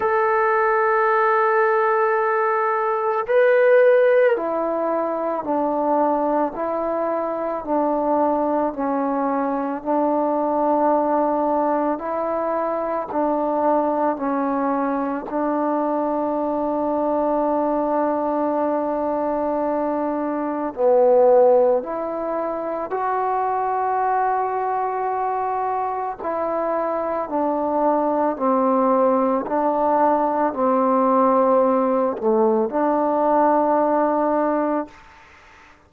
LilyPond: \new Staff \with { instrumentName = "trombone" } { \time 4/4 \tempo 4 = 55 a'2. b'4 | e'4 d'4 e'4 d'4 | cis'4 d'2 e'4 | d'4 cis'4 d'2~ |
d'2. b4 | e'4 fis'2. | e'4 d'4 c'4 d'4 | c'4. a8 d'2 | }